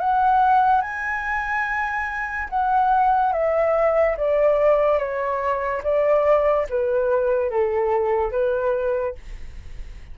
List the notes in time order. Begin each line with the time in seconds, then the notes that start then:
0.00 F#5
0.81 G#5
2.50 F#5
3.33 E5
4.17 D5
4.99 C#5
5.84 D5
6.70 B4
7.50 A4
8.32 B4